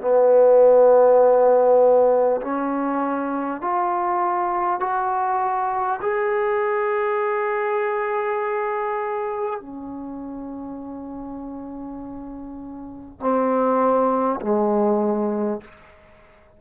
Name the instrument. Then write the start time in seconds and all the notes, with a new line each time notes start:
trombone
0.00 B3
2.41 C#4
3.61 F4
4.79 F#4
6.01 G#4
9.59 C#4
13.20 C4
14.40 G#3